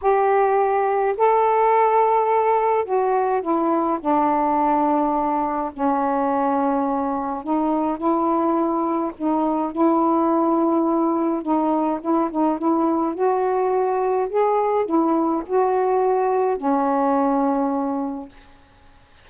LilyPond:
\new Staff \with { instrumentName = "saxophone" } { \time 4/4 \tempo 4 = 105 g'2 a'2~ | a'4 fis'4 e'4 d'4~ | d'2 cis'2~ | cis'4 dis'4 e'2 |
dis'4 e'2. | dis'4 e'8 dis'8 e'4 fis'4~ | fis'4 gis'4 e'4 fis'4~ | fis'4 cis'2. | }